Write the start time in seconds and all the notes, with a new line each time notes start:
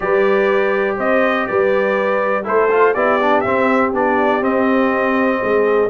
0.00 G3 G4 B4 D5
0.97 C4 C5 D#5
1.46 G3 B4 D5
2.44 A3 E4 A4 C5
2.70 F4
2.93 B3 E4 G4 D5
3.20 D4
3.40 C4 E5
3.93 B3 D4 D5
4.41 C4 D#5
5.40 G#3 G#4